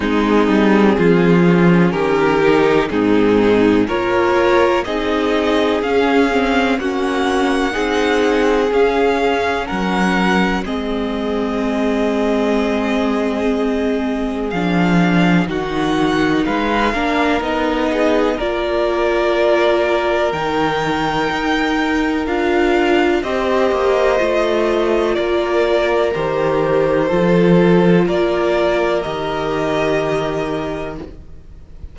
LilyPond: <<
  \new Staff \with { instrumentName = "violin" } { \time 4/4 \tempo 4 = 62 gis'2 ais'4 gis'4 | cis''4 dis''4 f''4 fis''4~ | fis''4 f''4 fis''4 dis''4~ | dis''2. f''4 |
fis''4 f''4 dis''4 d''4~ | d''4 g''2 f''4 | dis''2 d''4 c''4~ | c''4 d''4 dis''2 | }
  \new Staff \with { instrumentName = "violin" } { \time 4/4 dis'4 f'4 g'4 dis'4 | ais'4 gis'2 fis'4 | gis'2 ais'4 gis'4~ | gis'1 |
fis'4 b'8 ais'4 gis'8 ais'4~ | ais'1 | c''2 ais'2 | a'4 ais'2. | }
  \new Staff \with { instrumentName = "viola" } { \time 4/4 c'4. cis'4 dis'8 c'4 | f'4 dis'4 cis'8 c'8 cis'4 | dis'4 cis'2 c'4~ | c'2. d'4 |
dis'4. d'8 dis'4 f'4~ | f'4 dis'2 f'4 | g'4 f'2 g'4 | f'2 g'2 | }
  \new Staff \with { instrumentName = "cello" } { \time 4/4 gis8 g8 f4 dis4 gis,4 | ais4 c'4 cis'4 ais4 | c'4 cis'4 fis4 gis4~ | gis2. f4 |
dis4 gis8 ais8 b4 ais4~ | ais4 dis4 dis'4 d'4 | c'8 ais8 a4 ais4 dis4 | f4 ais4 dis2 | }
>>